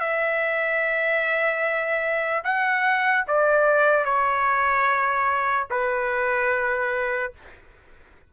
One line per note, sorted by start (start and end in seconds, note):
0.00 2.43 E5
2.44 3.25 F#5
3.28 4.05 D5
4.05 5.67 C#5
5.71 7.33 B4